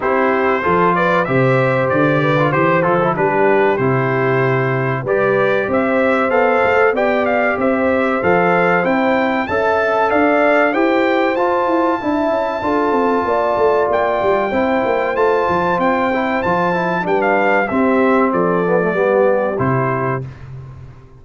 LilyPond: <<
  \new Staff \with { instrumentName = "trumpet" } { \time 4/4 \tempo 4 = 95 c''4. d''8 e''4 d''4 | c''8 a'8 b'4 c''2 | d''4 e''4 f''4 g''8 f''8 | e''4 f''4 g''4 a''4 |
f''4 g''4 a''2~ | a''2 g''2 | a''4 g''4 a''4 g''16 f''8. | e''4 d''2 c''4 | }
  \new Staff \with { instrumentName = "horn" } { \time 4/4 g'4 a'8 b'8 c''4. b'8 | c''4 g'2. | b'4 c''2 d''4 | c''2. e''4 |
d''4 c''2 e''4 | a'4 d''2 c''4~ | c''2. b'4 | g'4 a'4 g'2 | }
  \new Staff \with { instrumentName = "trombone" } { \time 4/4 e'4 f'4 g'4.~ g'16 f'16 | g'8 f'16 e'16 d'4 e'2 | g'2 a'4 g'4~ | g'4 a'4 e'4 a'4~ |
a'4 g'4 f'4 e'4 | f'2. e'4 | f'4. e'8 f'8 e'8 d'4 | c'4. b16 a16 b4 e'4 | }
  \new Staff \with { instrumentName = "tuba" } { \time 4/4 c'4 f4 c4 d4 | e8 f8 g4 c2 | g4 c'4 b8 a8 b4 | c'4 f4 c'4 cis'4 |
d'4 e'4 f'8 e'8 d'8 cis'8 | d'8 c'8 ais8 a8 ais8 g8 c'8 ais8 | a8 f8 c'4 f4 g4 | c'4 f4 g4 c4 | }
>>